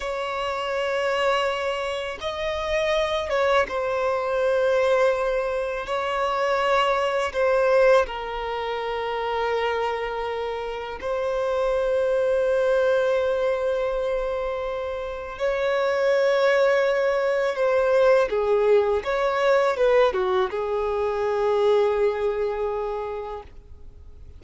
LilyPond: \new Staff \with { instrumentName = "violin" } { \time 4/4 \tempo 4 = 82 cis''2. dis''4~ | dis''8 cis''8 c''2. | cis''2 c''4 ais'4~ | ais'2. c''4~ |
c''1~ | c''4 cis''2. | c''4 gis'4 cis''4 b'8 fis'8 | gis'1 | }